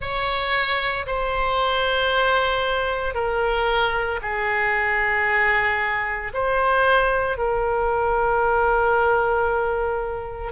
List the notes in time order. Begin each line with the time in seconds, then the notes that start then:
0.00 C#5
1.06 C5
3.14 A#4
4.22 G#4
6.33 C5
7.37 A#4